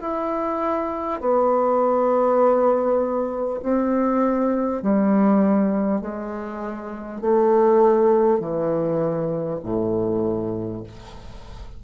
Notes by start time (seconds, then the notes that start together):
0.00 E4
1.20 B3
3.62 C4
4.82 G3
6.01 G#3
7.21 A3
8.39 E3
9.63 A2